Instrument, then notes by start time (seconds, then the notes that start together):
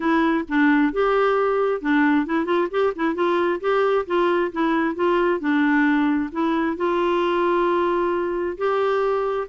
clarinet
0.00 E4
0.48 D4
0.92 G4
1.81 D4
2.26 E4
2.45 F4
2.70 G4
2.95 E4
3.15 F4
3.60 G4
4.06 F4
4.51 E4
4.95 F4
5.40 D4
6.32 E4
6.76 F4
8.57 G4